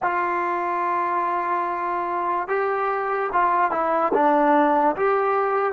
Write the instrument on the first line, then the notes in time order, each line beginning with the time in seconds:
trombone
0.02 F4
2.48 G4
3.33 F4
3.71 E4
4.13 D4
4.96 G4